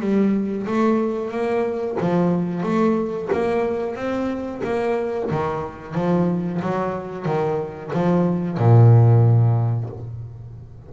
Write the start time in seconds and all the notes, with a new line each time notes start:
0.00 G3
0.67 A3
1.31 A#3
2.00 F3
2.63 A3
3.32 A#3
3.96 C4
4.64 A#3
5.30 D#3
5.94 F3
6.62 F#3
7.25 D#3
7.93 F3
8.57 A#2